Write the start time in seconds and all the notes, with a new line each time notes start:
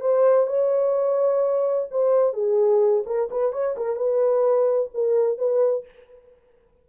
0.00 C5
0.47 C#5
1.90 C5
2.33 G#4
3.06 A#4
3.31 B4
3.52 C#5
3.76 A#4
3.96 B4
4.94 A#4
5.38 B4